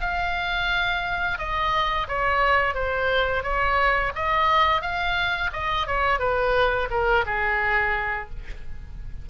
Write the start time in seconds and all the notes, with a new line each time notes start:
0.00 F5
1.38 D#5
2.08 C#5
2.74 C5
3.43 C#5
4.15 D#5
4.81 F5
5.53 D#5
5.87 C#5
6.19 B4
6.90 A#4
7.26 G#4